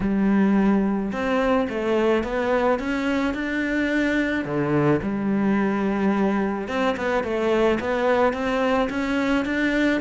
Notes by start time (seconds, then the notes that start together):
0.00 G3
1.12 C4
1.69 A3
2.23 B3
2.79 C#4
3.34 D4
4.44 D3
5.02 G3
6.68 C4
6.96 B3
7.23 A3
7.80 B3
8.33 C4
8.89 C#4
9.45 D4